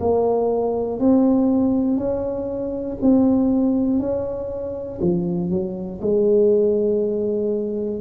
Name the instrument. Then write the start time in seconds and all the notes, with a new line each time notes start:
tuba
0.00 A#3
1.00 C4
1.97 C#4
3.01 C4
4.00 C#4
5.01 F3
5.50 F#3
6.01 G#3